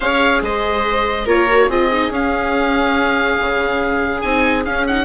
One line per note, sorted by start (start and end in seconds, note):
0.00 0.41 C#4
0.00 1.26 G#4
0.00 0.40 C#5
0.00 0.42 F5
0.41 1.26 G#3
0.41 1.25 C5
0.41 1.28 D#5
1.25 1.68 A#3
1.25 1.47 F4
1.25 1.68 A#4
1.25 1.70 C#5
1.50 1.70 F#4
1.68 2.10 C4
1.68 1.91 F4
1.68 5.04 G#4
1.68 2.12 D#5
1.92 2.12 D#4
2.10 3.36 C#4
2.10 4.23 C#4
2.10 4.21 F5
3.39 4.23 C#3
4.21 4.65 C4
4.21 4.65 D#4
4.21 4.63 G#5
4.65 4.87 C#4
4.65 5.04 C#4
4.65 4.86 F5
4.86 5.04 D#4
4.86 5.04 F#5